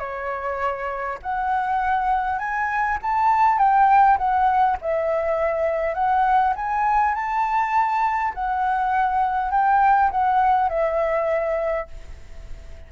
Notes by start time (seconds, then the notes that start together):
0.00 C#5
1.23 F#5
2.39 G#5
3.02 A5
3.59 G5
4.18 F#5
4.82 E5
5.95 F#5
6.56 G#5
7.15 A5
8.35 F#5
9.52 G5
10.11 F#5
10.69 E5